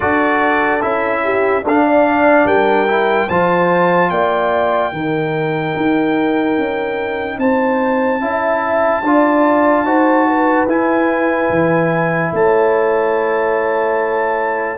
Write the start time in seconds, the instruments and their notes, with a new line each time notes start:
0.00 tuba D4, trombone F#4, horn A4, trumpet D5
0.81 tuba C#4, trombone E4, trumpet E5
1.23 horn G4
1.62 tuba D4, horn A4, trumpet F5
1.68 trombone D4
1.85 horn D5
2.45 tuba G3, horn A#4, trumpet G5
2.87 trombone E4
3.27 tuba F3, trombone F4, horn C5, trumpet A5
4.09 tuba A#3, horn D5, trumpet G5
4.91 tuba D#3, trombone D#4, horn A#4
5.76 tuba D#4
6.58 tuba C#4
7.38 tuba C4, horn C5, trumpet A5
8.21 tuba C#4, trombone E4, horn E5
9.03 tuba D4, trombone F4, horn D5
9.84 tuba D#4, trombone F#4, horn C5
10.27 horn B4
10.66 tuba E4, trombone E4, trumpet G#5
11.49 tuba E3
12.32 tuba A3, horn C#5, trumpet A5